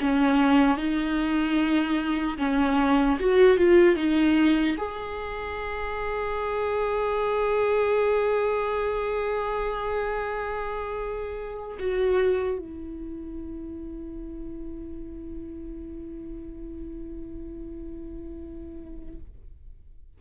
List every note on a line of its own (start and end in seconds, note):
0.00 0.77 C#4
0.77 2.37 D#4
2.38 3.18 C#4
3.19 3.57 F#4
3.57 3.96 F4
3.96 4.76 D#4
4.77 11.77 G#4
11.79 12.58 F#4
12.58 19.18 E4